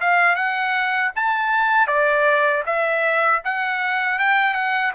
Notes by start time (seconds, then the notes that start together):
0.00 F5
0.35 F#5
1.15 A5
1.87 D5
2.65 E5
3.44 F#5
4.18 G5
4.54 F#5